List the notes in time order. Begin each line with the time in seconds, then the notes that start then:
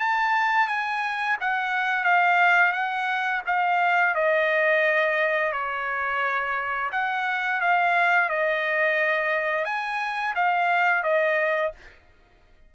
0.00 A5
0.68 G#5
1.41 F#5
2.04 F5
2.73 F#5
3.47 F5
4.15 D#5
5.53 C#5
6.92 F#5
7.61 F5
8.29 D#5
9.65 G#5
10.36 F5
11.04 D#5